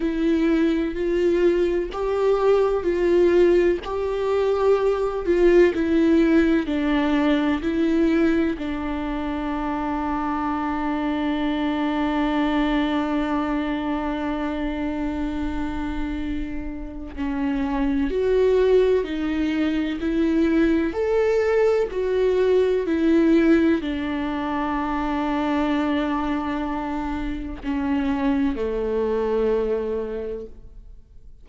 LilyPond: \new Staff \with { instrumentName = "viola" } { \time 4/4 \tempo 4 = 63 e'4 f'4 g'4 f'4 | g'4. f'8 e'4 d'4 | e'4 d'2.~ | d'1~ |
d'2 cis'4 fis'4 | dis'4 e'4 a'4 fis'4 | e'4 d'2.~ | d'4 cis'4 a2 | }